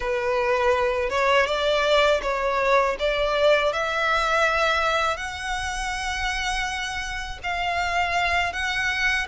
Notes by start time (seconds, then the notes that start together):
0.00 B4
1.09 C#5
1.46 D5
2.22 C#5
2.99 D5
3.72 E5
5.16 F#5
7.43 F5
8.53 F#5